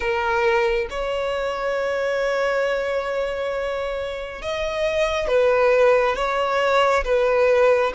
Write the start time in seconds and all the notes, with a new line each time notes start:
0.00 A#4
0.90 C#5
4.42 D#5
5.27 B4
6.15 C#5
7.04 B4